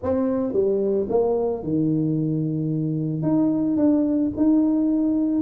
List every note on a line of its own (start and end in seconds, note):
0.02 0.53 C4
0.53 1.07 G3
1.09 1.63 A#3
1.63 3.22 D#3
3.22 3.76 D#4
3.76 4.30 D4
4.36 5.41 D#4